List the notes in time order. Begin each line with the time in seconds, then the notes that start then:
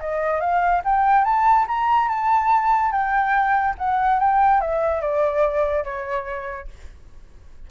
0.00 D#5
0.40 F5
0.84 G5
1.24 A5
1.68 A#5
2.08 A5
2.91 G5
3.78 F#5
4.20 G5
4.60 E5
5.01 D5
5.84 C#5